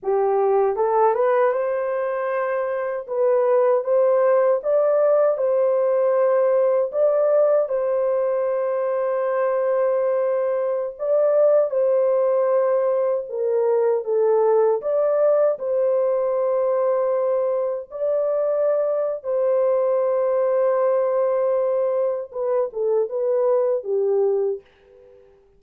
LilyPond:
\new Staff \with { instrumentName = "horn" } { \time 4/4 \tempo 4 = 78 g'4 a'8 b'8 c''2 | b'4 c''4 d''4 c''4~ | c''4 d''4 c''2~ | c''2~ c''16 d''4 c''8.~ |
c''4~ c''16 ais'4 a'4 d''8.~ | d''16 c''2. d''8.~ | d''4 c''2.~ | c''4 b'8 a'8 b'4 g'4 | }